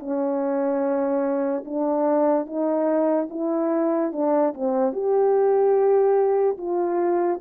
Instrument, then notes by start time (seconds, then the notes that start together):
horn
0.00 C#4
1.66 D4
2.47 D#4
3.30 E4
4.13 D4
4.54 C4
4.93 G4
6.58 F4